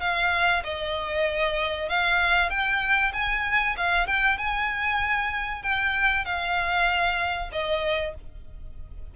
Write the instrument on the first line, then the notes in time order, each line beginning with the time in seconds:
violin
0.00 F5
0.64 D#5
1.89 F5
2.49 G5
3.13 G#5
3.77 F5
4.07 G5
4.37 G#5
5.62 G5
6.25 F5
7.52 D#5